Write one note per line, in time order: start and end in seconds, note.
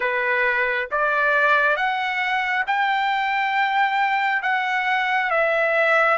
0.00 0.88 B4
0.91 1.76 D5
1.76 2.64 F#5
2.67 4.42 G5
4.42 5.30 F#5
5.30 6.17 E5